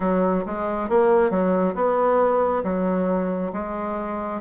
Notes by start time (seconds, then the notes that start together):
0.00 F#3
0.46 G#3
0.89 A#3
1.30 F#3
1.74 B3
2.63 F#3
3.53 G#3